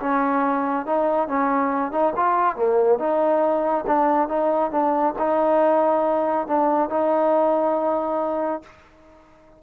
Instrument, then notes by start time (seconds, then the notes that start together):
trombone
0.00 C#4
0.87 D#4
1.29 C#4
1.92 D#4
2.16 F4
2.56 A#3
2.99 D#4
3.87 D4
4.29 D#4
4.72 D4
5.19 D#4
6.47 D4
6.90 D#4